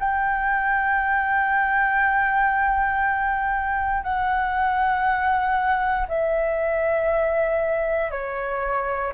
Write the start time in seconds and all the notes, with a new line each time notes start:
0.00 G5
4.04 F#5
6.09 E5
8.11 C#5